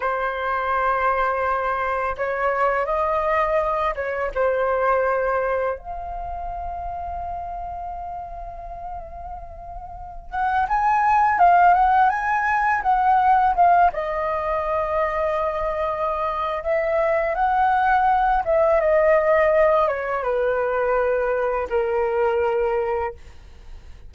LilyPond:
\new Staff \with { instrumentName = "flute" } { \time 4/4 \tempo 4 = 83 c''2. cis''4 | dis''4. cis''8 c''2 | f''1~ | f''2~ f''16 fis''8 gis''4 f''16~ |
f''16 fis''8 gis''4 fis''4 f''8 dis''8.~ | dis''2. e''4 | fis''4. e''8 dis''4. cis''8 | b'2 ais'2 | }